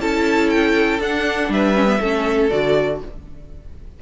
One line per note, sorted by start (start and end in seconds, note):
0.00 1.00 C#4
0.00 1.01 E4
0.00 1.51 A4
0.00 0.50 A5
0.50 1.00 G5
1.00 1.49 D4
1.00 1.75 D4
1.00 1.52 F#5
1.49 1.99 G3
1.49 2.01 B4
1.49 2.50 E5
1.75 1.86 C#4
1.86 1.99 B3
2.01 2.51 A3
2.01 2.51 C#4
2.01 3.01 A4
2.50 3.02 D3
2.50 3.01 F#4
2.50 3.00 D5